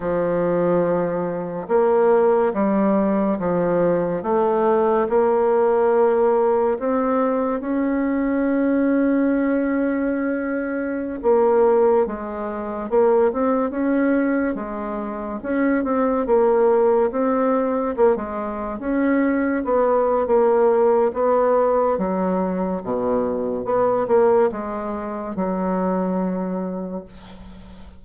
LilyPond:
\new Staff \with { instrumentName = "bassoon" } { \time 4/4 \tempo 4 = 71 f2 ais4 g4 | f4 a4 ais2 | c'4 cis'2.~ | cis'4~ cis'16 ais4 gis4 ais8 c'16~ |
c'16 cis'4 gis4 cis'8 c'8 ais8.~ | ais16 c'4 ais16 gis8. cis'4 b8. | ais4 b4 fis4 b,4 | b8 ais8 gis4 fis2 | }